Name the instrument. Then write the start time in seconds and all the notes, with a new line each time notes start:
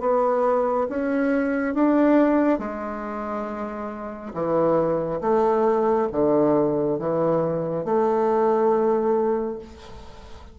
bassoon
0.00 B3
0.89 C#4
1.74 D4
2.59 G#3
4.33 E3
5.21 A3
6.12 D3
6.98 E3
7.85 A3